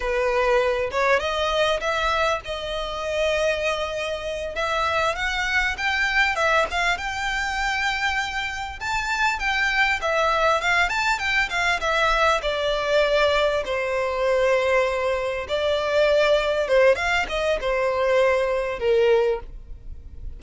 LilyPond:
\new Staff \with { instrumentName = "violin" } { \time 4/4 \tempo 4 = 99 b'4. cis''8 dis''4 e''4 | dis''2.~ dis''8 e''8~ | e''8 fis''4 g''4 e''8 f''8 g''8~ | g''2~ g''8 a''4 g''8~ |
g''8 e''4 f''8 a''8 g''8 f''8 e''8~ | e''8 d''2 c''4.~ | c''4. d''2 c''8 | f''8 dis''8 c''2 ais'4 | }